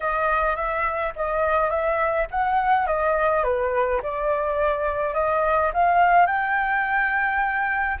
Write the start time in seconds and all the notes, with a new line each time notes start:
0.00 D#5
0.56 E5
1.16 D#5
1.69 E5
2.30 F#5
2.86 D#5
3.43 B4
4.02 D5
5.14 D#5
5.73 F5
6.26 G5